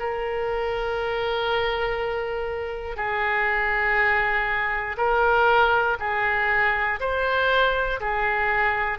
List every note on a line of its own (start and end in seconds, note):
0.00 2.97 A#4
2.97 4.97 G#4
4.98 5.98 A#4
6.00 7.00 G#4
7.00 8.00 C5
8.01 8.99 G#4